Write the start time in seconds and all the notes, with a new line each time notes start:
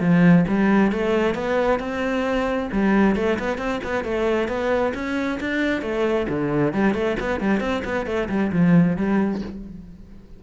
0.00 F3
0.48 G3
0.92 A3
1.35 B3
1.80 C4
2.72 G3
3.16 A3
3.39 B3
3.58 C4
3.84 B3
4.04 A3
4.48 B3
4.94 C#4
5.40 D4
5.82 A3
6.29 D3
6.73 G3
6.94 A3
7.20 B3
7.40 G3
7.60 C4
7.85 B3
8.06 A3
8.29 G3
8.52 F3
8.97 G3